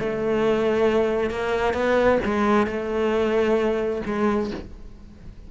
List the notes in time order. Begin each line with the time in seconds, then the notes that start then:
0.00 A3
1.31 A#3
1.74 B3
2.25 G#3
2.67 A3
4.06 G#3